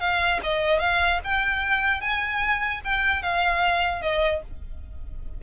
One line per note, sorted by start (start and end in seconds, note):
0.00 0.40 F5
0.43 0.80 D#5
0.80 1.20 F5
1.24 2.01 G5
2.01 2.81 G#5
2.85 3.23 G5
3.23 4.02 F5
4.02 4.42 D#5